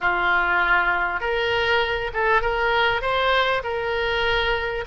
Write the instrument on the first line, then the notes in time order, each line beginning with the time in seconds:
oboe
0.00 F4
1.20 A#4
2.13 A4
2.41 A#4
3.01 C5
3.63 A#4